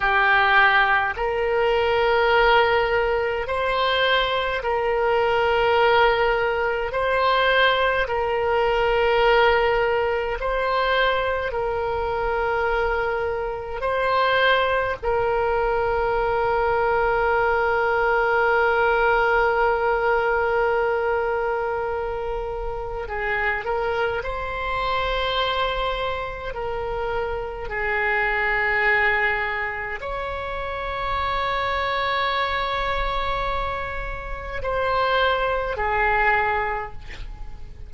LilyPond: \new Staff \with { instrumentName = "oboe" } { \time 4/4 \tempo 4 = 52 g'4 ais'2 c''4 | ais'2 c''4 ais'4~ | ais'4 c''4 ais'2 | c''4 ais'2.~ |
ais'1 | gis'8 ais'8 c''2 ais'4 | gis'2 cis''2~ | cis''2 c''4 gis'4 | }